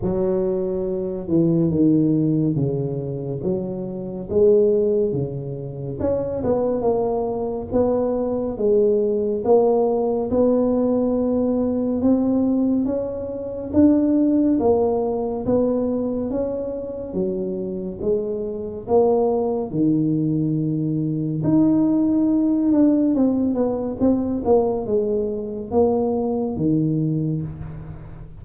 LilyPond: \new Staff \with { instrumentName = "tuba" } { \time 4/4 \tempo 4 = 70 fis4. e8 dis4 cis4 | fis4 gis4 cis4 cis'8 b8 | ais4 b4 gis4 ais4 | b2 c'4 cis'4 |
d'4 ais4 b4 cis'4 | fis4 gis4 ais4 dis4~ | dis4 dis'4. d'8 c'8 b8 | c'8 ais8 gis4 ais4 dis4 | }